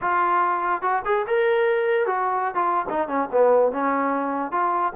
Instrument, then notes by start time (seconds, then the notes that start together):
trombone
0.01 F4
0.81 F#4
1.05 G#4
1.27 A#4
2.06 F#4
2.54 F4
2.89 D#4
3.08 C#4
3.32 B3
3.72 C#4
4.51 F4